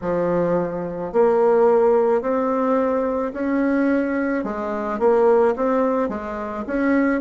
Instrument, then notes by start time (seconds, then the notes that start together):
bassoon
0.01 F3
1.12 A#3
2.21 C4
3.33 C#4
4.44 G#3
4.99 A#3
5.56 C4
6.08 G#3
6.66 C#4